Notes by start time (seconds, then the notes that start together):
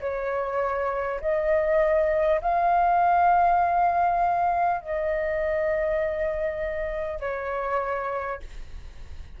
0.00 C#5
1.21 D#5
2.41 F5
4.81 D#5
7.20 C#5